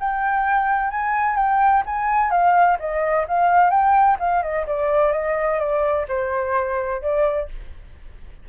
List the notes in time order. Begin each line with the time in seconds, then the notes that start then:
0.00 G5
0.91 G#5
1.36 G5
1.86 G#5
2.31 F5
2.80 D#5
3.28 F5
3.70 G5
4.20 F5
4.43 D#5
4.67 D5
5.13 D#5
5.60 D5
6.09 C5
7.02 D5